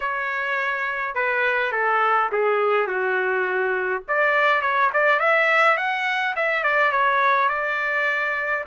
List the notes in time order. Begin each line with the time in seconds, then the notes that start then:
0.00 C#5
1.14 B4
1.72 A4
2.32 G#4
2.87 F#4
4.08 D5
4.61 C#5
4.93 D5
5.19 E5
5.77 F#5
6.36 E5
6.63 D5
6.91 C#5
7.48 D5